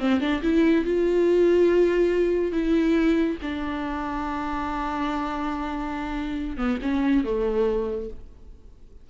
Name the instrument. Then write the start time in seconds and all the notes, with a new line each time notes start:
viola
0.00 C4
0.21 D4
0.43 E4
0.85 F4
2.52 E4
3.42 D4
6.58 B3
6.82 C#4
7.25 A3